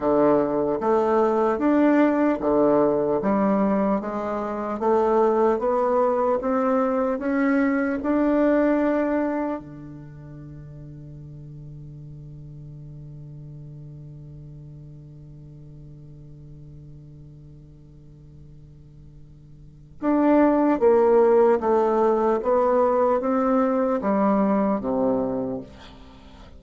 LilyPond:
\new Staff \with { instrumentName = "bassoon" } { \time 4/4 \tempo 4 = 75 d4 a4 d'4 d4 | g4 gis4 a4 b4 | c'4 cis'4 d'2 | d1~ |
d1~ | d1~ | d4 d'4 ais4 a4 | b4 c'4 g4 c4 | }